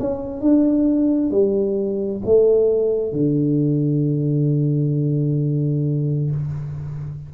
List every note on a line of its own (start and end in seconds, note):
0.00 0.41 C#4
0.41 1.31 D4
1.31 2.22 G3
2.26 3.13 A3
3.13 6.31 D3